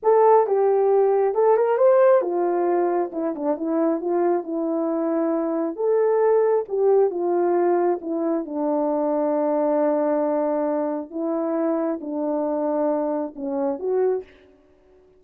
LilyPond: \new Staff \with { instrumentName = "horn" } { \time 4/4 \tempo 4 = 135 a'4 g'2 a'8 ais'8 | c''4 f'2 e'8 d'8 | e'4 f'4 e'2~ | e'4 a'2 g'4 |
f'2 e'4 d'4~ | d'1~ | d'4 e'2 d'4~ | d'2 cis'4 fis'4 | }